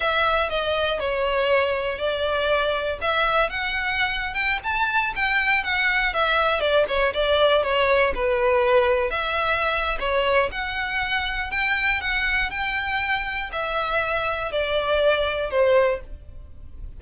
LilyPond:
\new Staff \with { instrumentName = "violin" } { \time 4/4 \tempo 4 = 120 e''4 dis''4 cis''2 | d''2 e''4 fis''4~ | fis''8. g''8 a''4 g''4 fis''8.~ | fis''16 e''4 d''8 cis''8 d''4 cis''8.~ |
cis''16 b'2 e''4.~ e''16 | cis''4 fis''2 g''4 | fis''4 g''2 e''4~ | e''4 d''2 c''4 | }